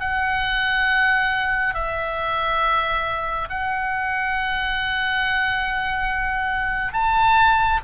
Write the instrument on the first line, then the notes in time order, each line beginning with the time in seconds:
oboe
0.00 F#5
1.74 E5
3.49 F#5
6.93 A5